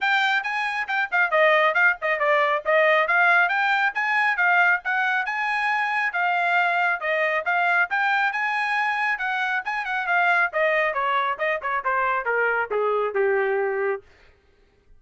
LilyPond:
\new Staff \with { instrumentName = "trumpet" } { \time 4/4 \tempo 4 = 137 g''4 gis''4 g''8 f''8 dis''4 | f''8 dis''8 d''4 dis''4 f''4 | g''4 gis''4 f''4 fis''4 | gis''2 f''2 |
dis''4 f''4 g''4 gis''4~ | gis''4 fis''4 gis''8 fis''8 f''4 | dis''4 cis''4 dis''8 cis''8 c''4 | ais'4 gis'4 g'2 | }